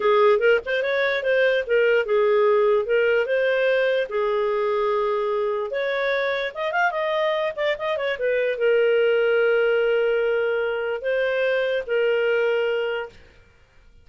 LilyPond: \new Staff \with { instrumentName = "clarinet" } { \time 4/4 \tempo 4 = 147 gis'4 ais'8 c''8 cis''4 c''4 | ais'4 gis'2 ais'4 | c''2 gis'2~ | gis'2 cis''2 |
dis''8 f''8 dis''4. d''8 dis''8 cis''8 | b'4 ais'2.~ | ais'2. c''4~ | c''4 ais'2. | }